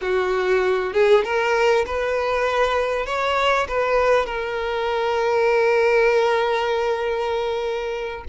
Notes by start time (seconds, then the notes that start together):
0.01 F#4
0.93 G#4
1.24 A#4
1.85 B4
3.06 C#5
3.68 B4
4.26 A#4